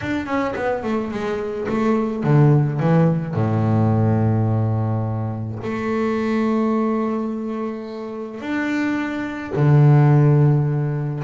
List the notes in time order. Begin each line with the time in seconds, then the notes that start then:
0.01 D4
0.26 C#4
0.55 B3
0.83 A3
1.11 G#3
1.68 A3
2.23 D3
2.79 E3
3.34 A2
5.63 A3
8.40 D4
9.55 D3